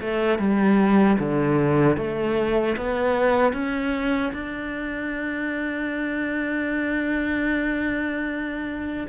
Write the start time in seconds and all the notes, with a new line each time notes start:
0.00 A3
0.38 G3
1.18 D3
1.97 A3
2.77 B3
3.53 C#4
4.32 D4